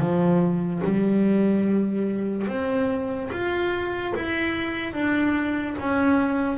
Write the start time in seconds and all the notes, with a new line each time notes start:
0.00 F3
0.85 G3
2.48 C4
3.32 F4
4.16 E4
4.94 D4
5.79 C#4